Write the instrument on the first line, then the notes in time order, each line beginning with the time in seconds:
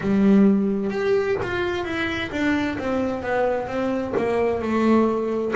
double bass
0.00 G3
0.90 G4
1.41 F4
1.84 E4
2.31 D4
2.78 C4
3.22 B3
3.67 C4
4.17 A#3
4.61 A3